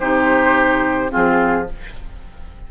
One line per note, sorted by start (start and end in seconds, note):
0.00 1.12 C3
0.00 1.09 D#4
0.00 1.12 G4
0.00 1.12 C5
1.09 1.65 C4
1.09 1.68 F4
1.09 1.69 G#4
1.16 1.72 F3